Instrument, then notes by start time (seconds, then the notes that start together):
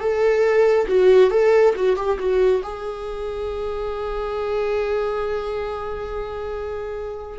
viola
0.00 A4
0.87 F#4
1.30 A4
1.75 F#4
1.96 G4
2.19 F#4
2.63 G#4